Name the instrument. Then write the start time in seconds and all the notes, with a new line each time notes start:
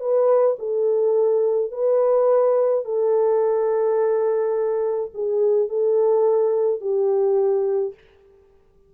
horn
0.00 B4
0.59 A4
1.72 B4
2.85 A4
5.14 G#4
5.69 A4
6.81 G4